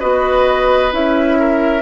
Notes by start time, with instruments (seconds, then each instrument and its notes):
0.00 bassoon B3, clarinet F#4, oboe B4, flute D#5
0.92 bassoon C#4, clarinet E4, flute E5
1.39 oboe A#4